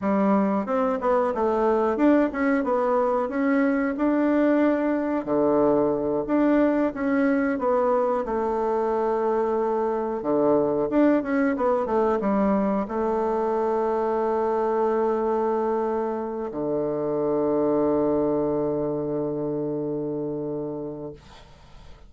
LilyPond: \new Staff \with { instrumentName = "bassoon" } { \time 4/4 \tempo 4 = 91 g4 c'8 b8 a4 d'8 cis'8 | b4 cis'4 d'2 | d4. d'4 cis'4 b8~ | b8 a2. d8~ |
d8 d'8 cis'8 b8 a8 g4 a8~ | a1~ | a4 d2.~ | d1 | }